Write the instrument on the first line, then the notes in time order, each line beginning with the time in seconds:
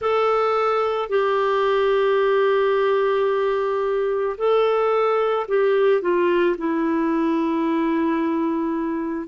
clarinet
0.01 A4
1.09 G4
4.37 A4
5.47 G4
6.01 F4
6.57 E4